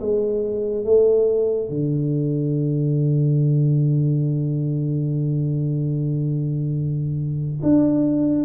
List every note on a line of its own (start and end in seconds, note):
0.00 0.85 G#3
0.85 1.69 A3
1.69 7.61 D3
7.62 8.45 D4